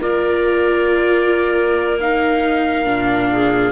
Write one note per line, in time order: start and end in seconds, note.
0.00 2.86 A#3
0.00 2.00 F4
0.00 3.31 A#4
0.00 2.00 D5
2.00 2.85 D#4
2.00 3.72 F5
2.85 3.72 A#2
2.85 3.72 D4
3.32 3.72 G#4